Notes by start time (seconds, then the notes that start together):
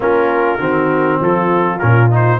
0.00 A#3 C#4 F4 A#4
0.59 D#3 C4 F#4
1.20 F3 F4 A4
1.78 A#2 C#4 A#4
2.10 D#4 C5